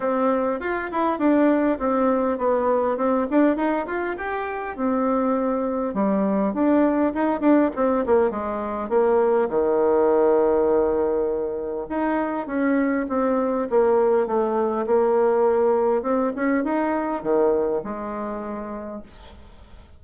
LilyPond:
\new Staff \with { instrumentName = "bassoon" } { \time 4/4 \tempo 4 = 101 c'4 f'8 e'8 d'4 c'4 | b4 c'8 d'8 dis'8 f'8 g'4 | c'2 g4 d'4 | dis'8 d'8 c'8 ais8 gis4 ais4 |
dis1 | dis'4 cis'4 c'4 ais4 | a4 ais2 c'8 cis'8 | dis'4 dis4 gis2 | }